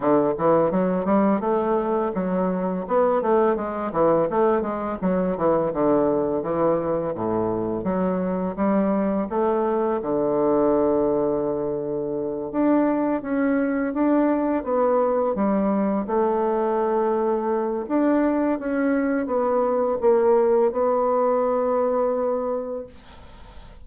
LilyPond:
\new Staff \with { instrumentName = "bassoon" } { \time 4/4 \tempo 4 = 84 d8 e8 fis8 g8 a4 fis4 | b8 a8 gis8 e8 a8 gis8 fis8 e8 | d4 e4 a,4 fis4 | g4 a4 d2~ |
d4. d'4 cis'4 d'8~ | d'8 b4 g4 a4.~ | a4 d'4 cis'4 b4 | ais4 b2. | }